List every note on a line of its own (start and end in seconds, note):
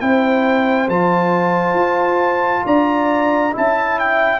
0.00 0.88 C4
0.00 0.89 E4
0.00 2.65 C5
0.00 0.88 G5
0.88 1.74 F3
0.88 3.51 F4
0.88 2.66 A5
1.74 2.62 F4
2.65 3.54 D4
2.65 3.52 D5
2.65 3.55 A#5
3.51 4.40 C#4
3.51 4.40 E4
3.51 4.40 E5
3.51 3.99 A5
3.99 4.40 G5